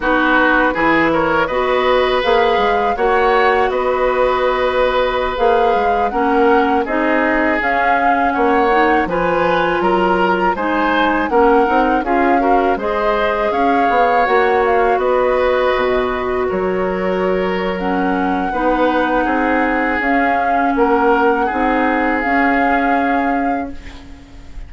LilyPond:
<<
  \new Staff \with { instrumentName = "flute" } { \time 4/4 \tempo 4 = 81 b'4. cis''8 dis''4 f''4 | fis''4 dis''2~ dis''16 f''8.~ | f''16 fis''4 dis''4 f''4 fis''8.~ | fis''16 gis''4 ais''4 gis''4 fis''8.~ |
fis''16 f''4 dis''4 f''4 fis''8 f''16~ | f''16 dis''2 cis''4.~ cis''16 | fis''2. f''4 | fis''2 f''2 | }
  \new Staff \with { instrumentName = "oboe" } { \time 4/4 fis'4 gis'8 ais'8 b'2 | cis''4 b'2.~ | b'16 ais'4 gis'2 cis''8.~ | cis''16 b'4 ais'4 c''4 ais'8.~ |
ais'16 gis'8 ais'8 c''4 cis''4.~ cis''16~ | cis''16 b'2 ais'4.~ ais'16~ | ais'4 b'4 gis'2 | ais'4 gis'2. | }
  \new Staff \with { instrumentName = "clarinet" } { \time 4/4 dis'4 e'4 fis'4 gis'4 | fis'2.~ fis'16 gis'8.~ | gis'16 cis'4 dis'4 cis'4. dis'16~ | dis'16 f'2 dis'4 cis'8 dis'16~ |
dis'16 f'8 fis'8 gis'2 fis'8.~ | fis'1 | cis'4 dis'2 cis'4~ | cis'4 dis'4 cis'2 | }
  \new Staff \with { instrumentName = "bassoon" } { \time 4/4 b4 e4 b4 ais8 gis8 | ais4 b2~ b16 ais8 gis16~ | gis16 ais4 c'4 cis'4 ais8.~ | ais16 f4 fis4 gis4 ais8 c'16~ |
c'16 cis'4 gis4 cis'8 b8 ais8.~ | ais16 b4 b,4 fis4.~ fis16~ | fis4 b4 c'4 cis'4 | ais4 c'4 cis'2 | }
>>